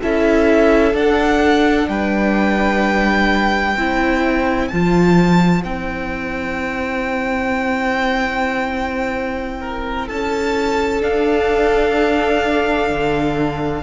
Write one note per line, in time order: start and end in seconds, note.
0.00 0.93 C#4
0.00 0.93 E4
0.00 1.88 A4
0.00 0.96 E5
0.93 1.87 D4
0.93 3.75 D4
0.93 1.88 F#5
1.88 3.75 G3
1.88 3.76 B4
1.88 4.68 G5
3.76 4.70 C4
3.76 4.72 E4
3.76 9.60 C5
4.68 5.64 F3
4.68 5.63 F4
4.68 5.62 A5
5.63 10.10 C4
5.63 11.00 E4
5.63 10.08 G5
9.60 10.07 A#4
10.07 11.03 C#4
10.07 13.82 A4
10.07 11.02 A5
11.00 13.81 D4
11.00 12.90 D4
11.00 13.82 F5
12.90 13.82 D3